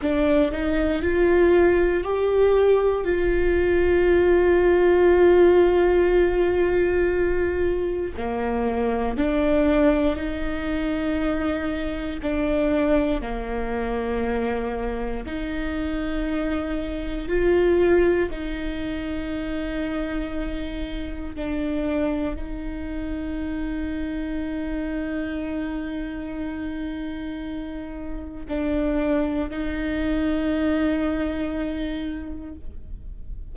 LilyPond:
\new Staff \with { instrumentName = "viola" } { \time 4/4 \tempo 4 = 59 d'8 dis'8 f'4 g'4 f'4~ | f'1 | ais4 d'4 dis'2 | d'4 ais2 dis'4~ |
dis'4 f'4 dis'2~ | dis'4 d'4 dis'2~ | dis'1 | d'4 dis'2. | }